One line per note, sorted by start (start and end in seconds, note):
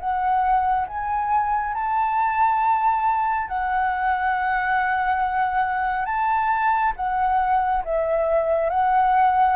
0.00 0.87 F#5
0.87 1.74 G#5
1.74 3.48 A5
3.48 6.06 F#5
6.06 6.93 A5
6.96 7.83 F#5
7.85 8.70 E5
8.70 9.56 F#5